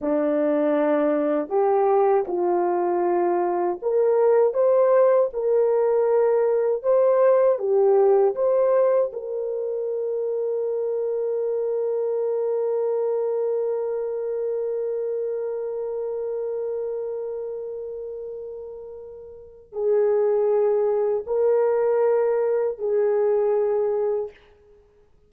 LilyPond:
\new Staff \with { instrumentName = "horn" } { \time 4/4 \tempo 4 = 79 d'2 g'4 f'4~ | f'4 ais'4 c''4 ais'4~ | ais'4 c''4 g'4 c''4 | ais'1~ |
ais'1~ | ais'1~ | ais'2 gis'2 | ais'2 gis'2 | }